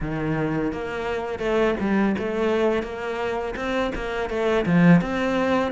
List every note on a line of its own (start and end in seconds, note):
0.00 0.72 D#3
0.72 1.39 A#3
1.39 1.74 A3
1.80 2.15 G3
2.18 2.82 A3
2.82 3.54 A#3
3.56 3.91 C4
3.95 4.29 A#3
4.29 4.65 A3
4.65 5.01 F3
5.01 5.71 C4